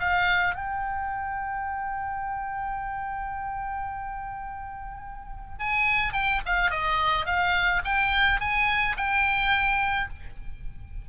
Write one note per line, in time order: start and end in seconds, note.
0.00 0.55 F5
0.55 5.59 G5
5.59 6.13 G#5
6.13 6.41 G5
6.46 6.70 F5
6.70 7.26 D#5
7.26 7.82 F5
7.85 8.40 G5
8.40 8.96 G#5
8.97 10.09 G5